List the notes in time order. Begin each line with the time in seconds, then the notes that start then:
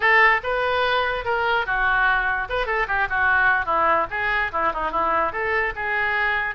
0.00 A4
0.43 B4
1.24 A#4
1.66 F#4
2.49 B4
2.66 A4
2.87 G4
3.09 F#4
3.65 E4
4.10 G#4
4.52 E4
4.73 D#4
4.91 E4
5.32 A4
5.75 G#4